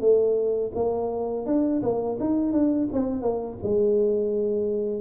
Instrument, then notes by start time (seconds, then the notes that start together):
tuba
0.00 A3
0.74 A#3
1.46 D4
1.82 A#3
2.19 D#4
2.52 D4
2.93 C4
3.21 A#3
3.62 G#3